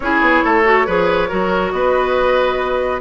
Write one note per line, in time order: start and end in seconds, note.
0.00 0.21 C#4
0.00 0.64 E4
0.00 0.43 G#4
0.00 1.71 C#5
0.21 0.42 B3
0.43 0.87 A3
0.43 0.86 A4
0.64 0.85 F#4
0.86 1.30 F3
0.86 1.29 G#4
0.86 1.28 B4
1.28 1.72 F#3
1.28 3.00 F#4
1.28 1.71 A#4
1.71 3.00 B3
1.71 3.00 B4
1.71 3.00 D#5